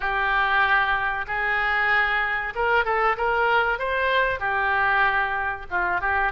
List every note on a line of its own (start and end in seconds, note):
0.00 1.25 G4
1.27 2.53 G#4
2.55 2.84 A#4
2.84 3.16 A4
3.17 3.78 A#4
3.78 4.39 C5
4.39 5.66 G4
5.70 6.01 F4
6.01 6.32 G4